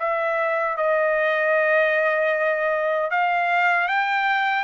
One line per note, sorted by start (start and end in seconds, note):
0.00 0.77 E5
0.77 3.11 D#5
3.11 3.89 F5
3.89 4.64 G5